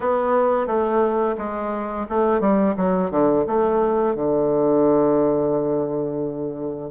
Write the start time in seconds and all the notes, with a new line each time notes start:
0.00 B3
0.66 A3
1.37 G#3
2.09 A3
2.40 G3
2.76 F#3
3.10 D3
3.46 A3
4.15 D3